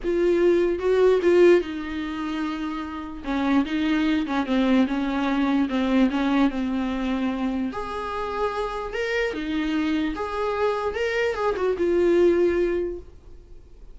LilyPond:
\new Staff \with { instrumentName = "viola" } { \time 4/4 \tempo 4 = 148 f'2 fis'4 f'4 | dis'1 | cis'4 dis'4. cis'8 c'4 | cis'2 c'4 cis'4 |
c'2. gis'4~ | gis'2 ais'4 dis'4~ | dis'4 gis'2 ais'4 | gis'8 fis'8 f'2. | }